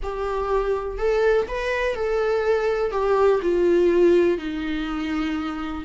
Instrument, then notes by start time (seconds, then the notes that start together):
viola
0.02 G4
0.98 A4
1.48 B4
1.95 A4
2.91 G4
3.42 F4
4.38 D#4